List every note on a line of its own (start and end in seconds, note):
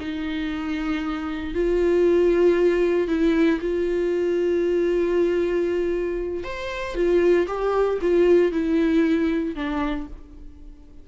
0.00 1.54 D#4
1.54 3.08 F4
3.08 3.59 E4
3.61 6.44 F4
6.44 6.95 C5
6.95 7.47 F4
7.48 7.99 G4
8.01 8.52 F4
8.52 9.55 E4
9.55 10.07 D4